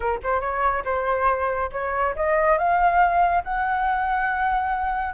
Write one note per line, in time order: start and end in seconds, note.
0.00 0.19 A#4
0.23 0.40 C5
0.40 0.83 C#5
0.84 1.70 C5
1.72 2.15 C#5
2.15 2.57 D#5
2.57 3.43 F5
3.43 5.14 F#5